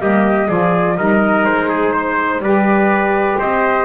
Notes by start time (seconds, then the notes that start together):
0.00 G3 A#3 G4 D#5
0.47 F3 F4 G#4 D5
0.97 G3 D#4 A#4 D#5
1.45 G#3 C5
1.69 G#4
1.93 C5
2.39 G3 G4 B4 D5
3.39 C4 C5 D#5